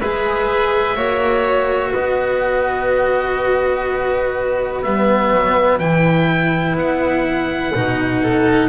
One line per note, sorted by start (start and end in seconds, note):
0.00 0.96 G#3
0.00 0.97 G#4
0.00 0.96 B4
0.00 1.93 E5
0.96 1.93 A#3
0.96 4.84 F#4
0.96 1.92 C#5
1.92 4.85 B3
1.92 8.21 B4
1.92 4.83 D#5
4.83 5.31 G3
4.83 5.80 B3
4.83 5.79 E5
5.31 5.79 F#3
5.79 6.75 E3
5.79 7.74 E4
5.79 6.76 G5
6.75 7.72 B3
6.75 8.69 F#5
7.74 8.69 B2
7.74 8.69 D#4
8.22 8.69 A4